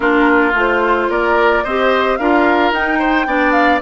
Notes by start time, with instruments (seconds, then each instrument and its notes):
0.00 bassoon A#3, clarinet D4, oboe F4, flute A#4
0.53 bassoon A3, clarinet F4, flute C5
1.09 bassoon A#3, oboe A#4, flute D5
1.63 bassoon C4, clarinet G4, oboe C5, flute D#5
2.17 bassoon D4, clarinet F4, oboe A#4, flute F5
2.71 bassoon D#4, clarinet D#4, flute G5
2.99 oboe C5
3.26 bassoon B3, clarinet D4, oboe D5
3.51 flute F5